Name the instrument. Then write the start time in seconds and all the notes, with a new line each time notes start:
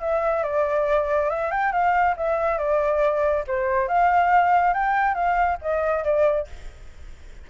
flute
0.00 E5
0.43 D5
1.29 E5
1.51 G5
1.72 F5
2.16 E5
2.58 D5
3.47 C5
3.88 F5
4.73 G5
5.14 F5
5.62 D#5
6.04 D5